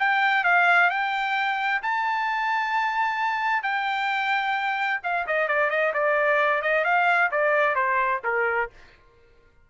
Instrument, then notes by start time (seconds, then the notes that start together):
trumpet
0.00 G5
0.45 F5
0.90 G5
1.83 A5
3.63 G5
5.04 F5
5.27 D#5
5.48 D5
5.71 D#5
5.94 D5
6.62 D#5
6.85 F5
7.32 D5
7.76 C5
8.25 A#4